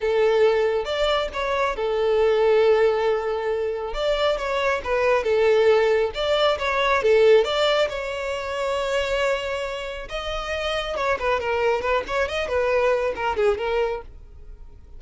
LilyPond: \new Staff \with { instrumentName = "violin" } { \time 4/4 \tempo 4 = 137 a'2 d''4 cis''4 | a'1~ | a'4 d''4 cis''4 b'4 | a'2 d''4 cis''4 |
a'4 d''4 cis''2~ | cis''2. dis''4~ | dis''4 cis''8 b'8 ais'4 b'8 cis''8 | dis''8 b'4. ais'8 gis'8 ais'4 | }